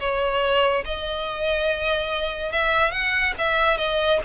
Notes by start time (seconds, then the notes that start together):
0.00 C#5
0.85 D#5
2.52 E5
2.92 F#5
3.38 E5
3.78 D#5